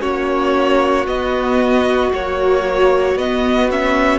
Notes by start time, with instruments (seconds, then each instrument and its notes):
0.00 cello A#3, viola C#4, violin F#4 C#5
1.06 cello B3, viola B3, violin D#5
2.12 viola F#3, cello A#3, violin C#5
3.15 cello B3, viola B3, violin D#5
3.70 viola C#4, violin E5